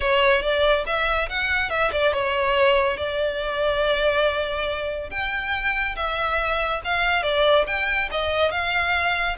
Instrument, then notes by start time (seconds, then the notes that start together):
violin
0.00 C#5
0.42 D5
0.86 E5
1.29 F#5
1.69 E5
1.92 D5
2.13 C#5
2.97 D5
5.10 G5
5.96 E5
6.84 F5
7.22 D5
7.66 G5
8.11 D#5
8.51 F5